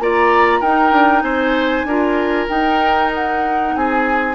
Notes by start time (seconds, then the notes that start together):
0.00 A#3 F4 D5 A#5
0.60 D#4 A#4 G5
0.92 D4
1.22 C4 C5 G#5
1.85 D4 F4 A#4
2.49 D#4 G5
3.14 F#5
3.76 C4 G#4 G#5